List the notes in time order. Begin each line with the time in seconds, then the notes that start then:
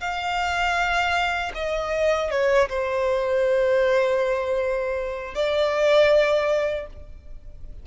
0.00 F5
1.54 D#5
2.30 C#5
2.69 C5
5.34 D5